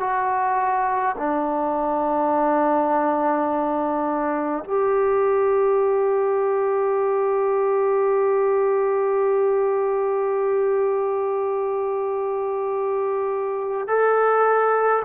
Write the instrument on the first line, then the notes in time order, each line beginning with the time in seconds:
trombone
0.00 F#4
1.18 D4
4.64 G4
13.87 A4